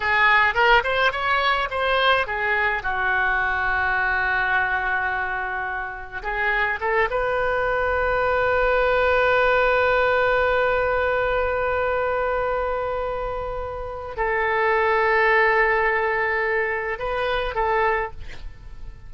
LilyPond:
\new Staff \with { instrumentName = "oboe" } { \time 4/4 \tempo 4 = 106 gis'4 ais'8 c''8 cis''4 c''4 | gis'4 fis'2.~ | fis'2. gis'4 | a'8 b'2.~ b'8~ |
b'1~ | b'1~ | b'4 a'2.~ | a'2 b'4 a'4 | }